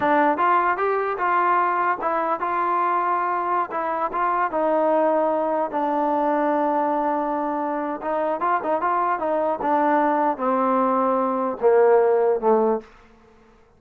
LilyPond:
\new Staff \with { instrumentName = "trombone" } { \time 4/4 \tempo 4 = 150 d'4 f'4 g'4 f'4~ | f'4 e'4 f'2~ | f'4~ f'16 e'4 f'4 dis'8.~ | dis'2~ dis'16 d'4.~ d'16~ |
d'1 | dis'4 f'8 dis'8 f'4 dis'4 | d'2 c'2~ | c'4 ais2 a4 | }